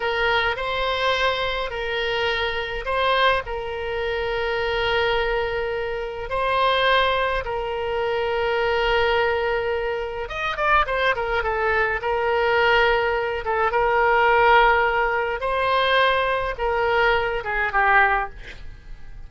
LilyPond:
\new Staff \with { instrumentName = "oboe" } { \time 4/4 \tempo 4 = 105 ais'4 c''2 ais'4~ | ais'4 c''4 ais'2~ | ais'2. c''4~ | c''4 ais'2.~ |
ais'2 dis''8 d''8 c''8 ais'8 | a'4 ais'2~ ais'8 a'8 | ais'2. c''4~ | c''4 ais'4. gis'8 g'4 | }